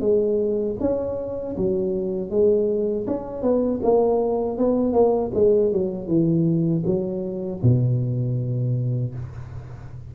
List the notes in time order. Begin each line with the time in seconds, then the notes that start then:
0.00 G#3
0.80 C#4
1.56 F#3
2.30 G#3
3.07 C#4
3.42 B3
3.82 A#3
4.57 B3
4.93 A#3
5.34 G#3
5.72 F#3
6.07 E3
6.85 F#3
7.62 B2